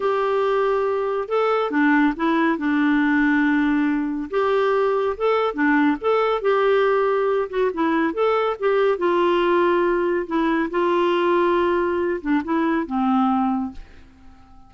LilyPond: \new Staff \with { instrumentName = "clarinet" } { \time 4/4 \tempo 4 = 140 g'2. a'4 | d'4 e'4 d'2~ | d'2 g'2 | a'4 d'4 a'4 g'4~ |
g'4. fis'8 e'4 a'4 | g'4 f'2. | e'4 f'2.~ | f'8 d'8 e'4 c'2 | }